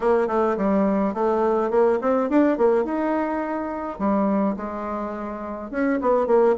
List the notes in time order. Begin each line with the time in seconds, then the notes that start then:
0.00 A#3
0.27 A3
0.57 G3
1.14 A3
1.70 A#3
2.01 C4
2.29 D4
2.57 A#3
2.84 D#4
3.98 G3
4.56 G#3
5.70 C#4
6.01 B3
6.26 A#3